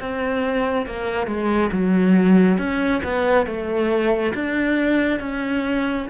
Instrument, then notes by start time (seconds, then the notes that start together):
cello
0.00 C4
0.87 A#3
1.27 G#3
1.72 F#3
2.58 C#4
3.04 B3
3.47 A3
4.35 D4
5.20 C#4